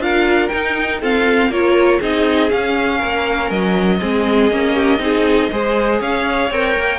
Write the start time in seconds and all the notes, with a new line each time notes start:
0.00 D4 F4 A#4 F5
0.49 D#4 G5
1.01 C4 F4 A4 F5
1.49 A#3 F4 A#4 C#5
1.99 C4 D#4 G#4 D#5
2.50 C#4 F5
2.98 A#3 A#4
3.51 F#3 D#5
4.01 G#3 C4 G#4
4.51 A#3 C#4
4.74 G4
4.99 C4 D#4 G#4
5.52 G#3 G#4 C5
6.01 C#4 C#5 F5
6.51 C4 A#4 G5
6.77 A#3